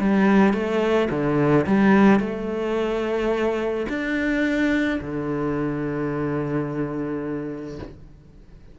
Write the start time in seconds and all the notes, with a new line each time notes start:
0.00 G3
0.53 A3
1.10 D3
1.67 G3
2.20 A3
3.89 D4
5.01 D3